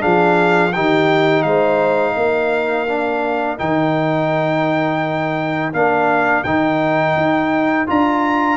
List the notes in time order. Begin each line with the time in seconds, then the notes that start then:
0.00 F3 D4 G#4 F5
0.73 D#3 D#4 G4 G5
1.43 G#3 C5 F5
2.15 A#3 A#4
2.88 D4
3.58 D#3 D#4 G5
5.74 A#3 D4 F5
6.44 D#3 D#4 G5
7.16 D#4
7.87 D4 F4 A#5